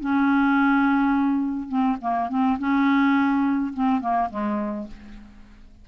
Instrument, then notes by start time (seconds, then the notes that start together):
clarinet
0.00 C#4
1.68 C4
2.01 A#3
2.29 C4
2.59 C#4
3.74 C4
4.01 A#3
4.30 G#3